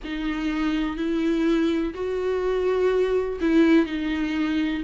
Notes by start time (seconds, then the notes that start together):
0.04 D#4
0.97 E4
1.94 F#4
3.40 E4
3.85 D#4